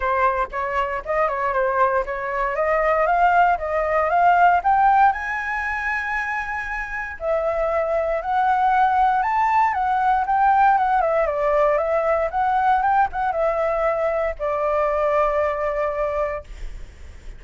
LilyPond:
\new Staff \with { instrumentName = "flute" } { \time 4/4 \tempo 4 = 117 c''4 cis''4 dis''8 cis''8 c''4 | cis''4 dis''4 f''4 dis''4 | f''4 g''4 gis''2~ | gis''2 e''2 |
fis''2 a''4 fis''4 | g''4 fis''8 e''8 d''4 e''4 | fis''4 g''8 fis''8 e''2 | d''1 | }